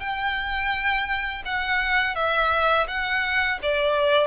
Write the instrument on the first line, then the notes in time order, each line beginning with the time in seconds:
violin
0.00 G5
1.45 F#5
2.15 E5
2.87 F#5
3.62 D5